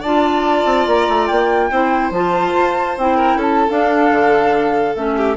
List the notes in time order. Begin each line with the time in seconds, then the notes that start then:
0.00 D4 F4 D5 A5
0.65 C4
0.87 A#3 A#5
1.09 A3
1.27 A#3 G5
1.71 C4 E4 C5
2.11 F3 F4 A5
2.54 F4
2.98 C4 E4 G5
3.16 A#4
3.35 C#4 A4
3.42 A5
3.69 D4 F5
4.11 D3
4.96 A3 C#4 E5
5.17 G4